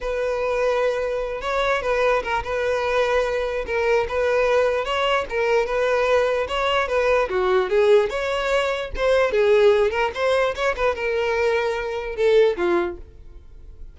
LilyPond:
\new Staff \with { instrumentName = "violin" } { \time 4/4 \tempo 4 = 148 b'2.~ b'8 cis''8~ | cis''8 b'4 ais'8 b'2~ | b'4 ais'4 b'2 | cis''4 ais'4 b'2 |
cis''4 b'4 fis'4 gis'4 | cis''2 c''4 gis'4~ | gis'8 ais'8 c''4 cis''8 b'8 ais'4~ | ais'2 a'4 f'4 | }